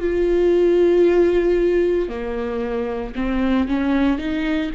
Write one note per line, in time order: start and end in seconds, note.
0.00 2.09 F4
2.09 3.14 A#3
3.15 3.68 C4
3.68 4.18 C#4
4.18 4.71 D#4